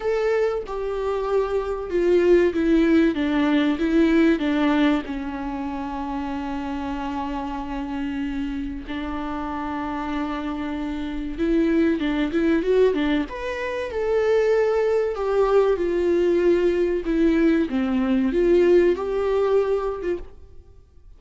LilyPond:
\new Staff \with { instrumentName = "viola" } { \time 4/4 \tempo 4 = 95 a'4 g'2 f'4 | e'4 d'4 e'4 d'4 | cis'1~ | cis'2 d'2~ |
d'2 e'4 d'8 e'8 | fis'8 d'8 b'4 a'2 | g'4 f'2 e'4 | c'4 f'4 g'4.~ g'16 f'16 | }